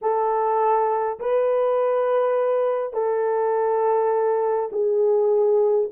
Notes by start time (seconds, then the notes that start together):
0.01 A4
1.19 B4
2.93 A4
4.72 G#4